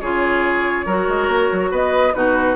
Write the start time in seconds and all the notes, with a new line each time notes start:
0.00 C#3 F4 G#4 C#5
0.85 F#3 F#4 A#4
1.08 G#3
1.27 A#3
1.52 F#3
1.70 B3 B4 D#5
2.13 B2 D#4 F#4 B4